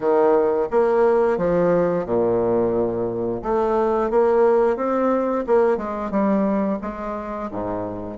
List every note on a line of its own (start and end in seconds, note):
0.00 0.68 D#3
0.71 1.37 A#3
1.37 2.05 F3
2.05 3.42 A#2
3.42 4.10 A3
4.10 4.76 A#3
4.76 5.44 C4
5.46 5.77 A#3
5.77 6.10 G#3
6.10 6.78 G3
6.81 7.49 G#3
7.51 8.17 G#2